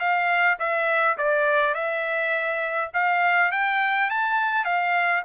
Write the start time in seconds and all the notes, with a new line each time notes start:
0.00 F5
0.59 E5
1.18 D5
1.74 E5
2.94 F5
3.52 G5
4.10 A5
4.65 F5